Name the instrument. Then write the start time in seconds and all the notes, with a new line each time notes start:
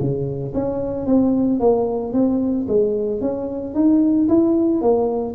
tuba
0.00 C#3
0.54 C#4
1.06 C4
1.60 A#3
2.13 C4
2.68 G#3
3.21 C#4
3.75 D#4
4.29 E4
4.81 A#3